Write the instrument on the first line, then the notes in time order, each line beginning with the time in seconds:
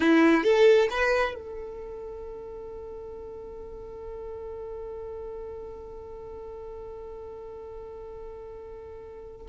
violin
0.00 E4
0.43 A4
0.90 B4
1.35 A4